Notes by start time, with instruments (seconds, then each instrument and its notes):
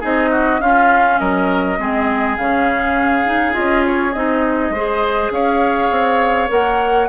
0.00 bassoon C4, clarinet D#4, oboe G#4, flute D#5
0.31 oboe F#4
0.60 bassoon C#4, clarinet C#4, oboe F4, flute F5
1.19 bassoon F#3, oboe A#4, flute D#5
1.78 bassoon G#3, clarinet C4, oboe G#4
2.37 bassoon C#3, clarinet C#4, flute F5
3.25 clarinet D#4
3.52 bassoon C#4, clarinet F4, flute D#5
3.86 flute C#5
4.13 bassoon C4, clarinet D#4, flute D#5
4.70 bassoon G#3, oboe C5
4.76 clarinet G#4
5.31 bassoon C#4, oboe C#5, flute F5
5.90 bassoon C4
6.48 bassoon A#3, clarinet A#4, flute F#5